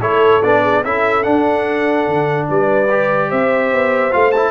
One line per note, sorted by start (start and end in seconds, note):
0.00 0.41 A3
0.00 0.42 E4
0.00 0.62 A4
0.00 0.42 C#5
0.42 0.84 B3
0.42 0.84 D4
0.42 0.83 D5
0.62 0.83 G#4
0.84 1.25 C#4
0.84 1.23 E4
0.84 2.48 A4
0.84 1.23 E5
1.23 2.88 D4
1.23 2.07 D4
1.23 2.46 F#5
2.07 2.48 D3
2.49 3.31 G3
2.49 3.29 B4
2.49 3.31 D5
2.90 4.11 G4
3.29 3.72 C4
3.29 4.51 C5
3.29 4.13 E5
3.72 4.13 B3
4.11 4.51 A3
4.11 4.32 F4
4.11 4.31 F5
4.31 4.51 E4
4.31 4.51 A5